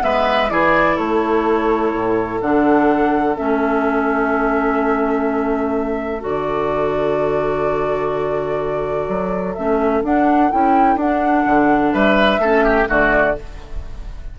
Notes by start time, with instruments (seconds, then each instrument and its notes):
0.00 bassoon G#3, clarinet B3, oboe B4, flute E5
0.49 bassoon E3, clarinet E4, oboe G#4, flute D5
0.96 bassoon A3, oboe A4, flute C#5
1.94 bassoon A2
2.41 bassoon D3, clarinet D4, flute F#5
3.35 bassoon A3, clarinet C#4, flute E5
6.20 bassoon D3, clarinet F#4, flute D5
9.08 bassoon F#3
9.54 bassoon A3, clarinet C#4, flute E5
10.03 bassoon D4, clarinet D4, flute F#5
10.51 bassoon C#4, clarinet E4, flute G5
10.96 bassoon D4, clarinet D4, flute F#5
11.46 bassoon D3
11.93 bassoon G3, oboe B4, flute E5
12.39 bassoon A3, clarinet C#4, oboe A4
12.64 oboe G4
12.86 bassoon D3, clarinet A3, oboe F#4, flute D5